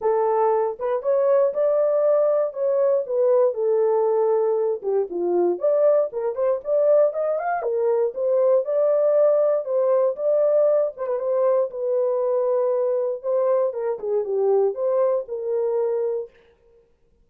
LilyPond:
\new Staff \with { instrumentName = "horn" } { \time 4/4 \tempo 4 = 118 a'4. b'8 cis''4 d''4~ | d''4 cis''4 b'4 a'4~ | a'4. g'8 f'4 d''4 | ais'8 c''8 d''4 dis''8 f''8 ais'4 |
c''4 d''2 c''4 | d''4. c''16 b'16 c''4 b'4~ | b'2 c''4 ais'8 gis'8 | g'4 c''4 ais'2 | }